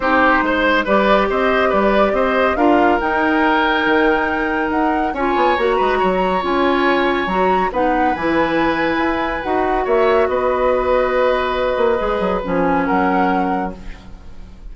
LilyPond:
<<
  \new Staff \with { instrumentName = "flute" } { \time 4/4 \tempo 4 = 140 c''2 d''4 dis''4 | d''4 dis''4 f''4 g''4~ | g''2. fis''4 | gis''4 ais''2 gis''4~ |
gis''4 ais''4 fis''4 gis''4~ | gis''2 fis''4 e''4 | dis''1~ | dis''4 gis''4 fis''2 | }
  \new Staff \with { instrumentName = "oboe" } { \time 4/4 g'4 c''4 b'4 c''4 | b'4 c''4 ais'2~ | ais'1 | cis''4. b'8 cis''2~ |
cis''2 b'2~ | b'2. cis''4 | b'1~ | b'2 ais'2 | }
  \new Staff \with { instrumentName = "clarinet" } { \time 4/4 dis'2 g'2~ | g'2 f'4 dis'4~ | dis'1 | f'4 fis'2 f'4~ |
f'4 fis'4 dis'4 e'4~ | e'2 fis'2~ | fis'1 | gis'4 cis'2. | }
  \new Staff \with { instrumentName = "bassoon" } { \time 4/4 c'4 gis4 g4 c'4 | g4 c'4 d'4 dis'4~ | dis'4 dis2 dis'4 | cis'8 b8 ais8 gis8 fis4 cis'4~ |
cis'4 fis4 b4 e4~ | e4 e'4 dis'4 ais4 | b2.~ b8 ais8 | gis8 fis8 f4 fis2 | }
>>